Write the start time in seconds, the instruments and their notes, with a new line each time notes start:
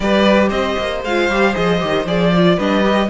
0.00 cello G3, viola G4, violin B4 D5
0.48 cello C4, violin C5 D#5
0.78 cello A#3
1.04 cello G#3, viola F4, violin F5
1.28 cello G3, viola G4
1.53 cello F3, viola G#4, violin D#5
1.80 cello D#3, viola G4
2.05 cello F3, viola G#4, violin D5
2.36 viola F4
2.56 cello G3, viola D4, violin B4 D#5
2.83 viola G4